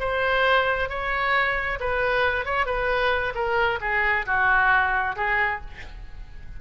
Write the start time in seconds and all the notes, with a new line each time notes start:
0.00 C5
0.90 C#5
1.80 B4
2.45 C#5
2.66 B4
3.35 A#4
3.81 G#4
4.26 F#4
5.16 G#4